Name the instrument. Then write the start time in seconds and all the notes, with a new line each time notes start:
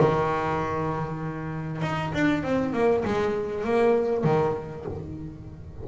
double bass
0.00 D#3
1.82 D#4
2.14 D4
2.44 C4
2.74 A#3
3.05 G#3
3.65 A#3
4.24 D#3